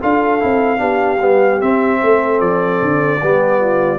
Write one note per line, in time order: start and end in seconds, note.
0.00 0.42 D4
0.00 0.39 F4
0.00 0.79 A4
0.00 1.61 F5
0.39 0.79 C4
0.39 0.77 E4
0.77 1.18 B3
0.77 1.17 D4
0.77 1.99 G4
1.18 1.58 G3
1.18 1.60 B3
1.60 3.20 C4
1.60 2.02 C4
1.60 2.40 E5
2.01 2.40 A3
2.01 3.20 A4
2.40 2.80 F3
2.40 3.99 D5
2.81 3.21 D3
3.20 3.99 G3
3.20 3.99 B3
3.20 3.60 G4
3.60 3.99 F4